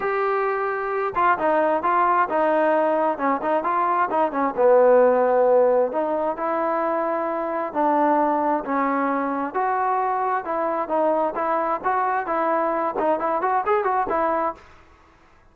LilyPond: \new Staff \with { instrumentName = "trombone" } { \time 4/4 \tempo 4 = 132 g'2~ g'8 f'8 dis'4 | f'4 dis'2 cis'8 dis'8 | f'4 dis'8 cis'8 b2~ | b4 dis'4 e'2~ |
e'4 d'2 cis'4~ | cis'4 fis'2 e'4 | dis'4 e'4 fis'4 e'4~ | e'8 dis'8 e'8 fis'8 gis'8 fis'8 e'4 | }